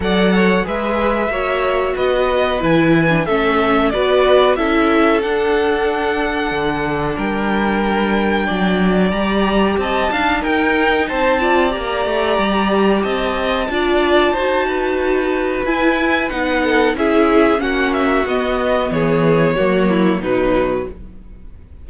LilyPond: <<
  \new Staff \with { instrumentName = "violin" } { \time 4/4 \tempo 4 = 92 fis''4 e''2 dis''4 | gis''4 e''4 d''4 e''4 | fis''2. g''4~ | g''2 ais''4 a''4 |
g''4 a''4 ais''2 | a''1 | gis''4 fis''4 e''4 fis''8 e''8 | dis''4 cis''2 b'4 | }
  \new Staff \with { instrumentName = "violin" } { \time 4/4 d''8 cis''8 b'4 cis''4 b'4~ | b'4 a'4 b'4 a'4~ | a'2. ais'4~ | ais'4 d''2 dis''8 f''8 |
ais'4 c''8 d''2~ d''8 | dis''4 d''4 c''8 b'4.~ | b'4. a'8 gis'4 fis'4~ | fis'4 gis'4 fis'8 e'8 dis'4 | }
  \new Staff \with { instrumentName = "viola" } { \time 4/4 a'4 gis'4 fis'2 | e'8. d'16 cis'4 fis'4 e'4 | d'1~ | d'2 g'4. dis'8~ |
dis'4. f'8 g'2~ | g'4 f'4 fis'2 | e'4 dis'4 e'4 cis'4 | b2 ais4 fis4 | }
  \new Staff \with { instrumentName = "cello" } { \time 4/4 fis4 gis4 ais4 b4 | e4 a4 b4 cis'4 | d'2 d4 g4~ | g4 fis4 g4 c'8 d'8 |
dis'4 c'4 ais8 a8 g4 | c'4 d'4 dis'2 | e'4 b4 cis'4 ais4 | b4 e4 fis4 b,4 | }
>>